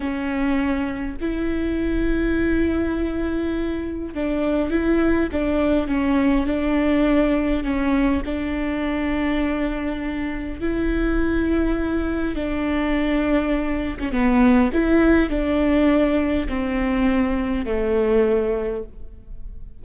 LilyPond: \new Staff \with { instrumentName = "viola" } { \time 4/4 \tempo 4 = 102 cis'2 e'2~ | e'2. d'4 | e'4 d'4 cis'4 d'4~ | d'4 cis'4 d'2~ |
d'2 e'2~ | e'4 d'2~ d'8. cis'16 | b4 e'4 d'2 | c'2 a2 | }